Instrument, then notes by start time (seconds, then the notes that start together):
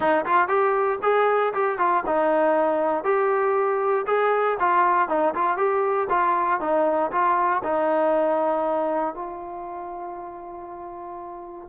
trombone
0.00 D#4
0.25 F4
0.48 G4
1.02 G#4
1.53 G4
1.78 F4
2.06 D#4
3.04 G4
4.07 G#4
4.59 F4
5.08 D#4
5.35 F4
5.57 G4
6.09 F4
6.60 D#4
7.11 F4
7.63 D#4
9.14 F4